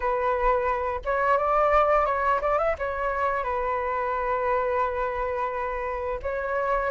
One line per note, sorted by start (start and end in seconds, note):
0.00 1.00 B4
1.05 1.37 C#5
1.37 2.05 D5
2.05 2.40 C#5
2.41 2.58 D5
2.58 2.75 E5
2.78 3.43 C#5
3.43 6.19 B4
6.22 6.90 C#5